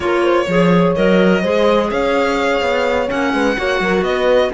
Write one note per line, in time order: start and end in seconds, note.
0.00 0.45 A#3
0.00 0.45 F4
0.00 0.23 A#4
0.00 0.93 C#5
0.23 0.47 C5
0.47 0.95 F3
0.47 0.95 G#4
0.47 1.41 C#5
0.95 1.43 F#3
0.95 1.43 A#4
0.95 1.90 D#5
1.41 1.90 G#3
1.41 3.07 G#4
1.41 1.89 C5
1.90 2.61 C#4
1.90 3.33 C#5
1.90 3.09 F5
2.61 3.08 B3
3.07 3.33 A#3
3.07 3.54 C#4
3.07 4.03 F#5
3.33 3.57 G#3
3.33 3.57 B4
3.56 3.80 A#3
3.56 4.51 F#4
3.56 3.81 C#5
3.80 4.01 F#3
3.80 4.05 A#4
4.01 4.49 B3
4.01 4.53 B4
4.01 4.51 D#5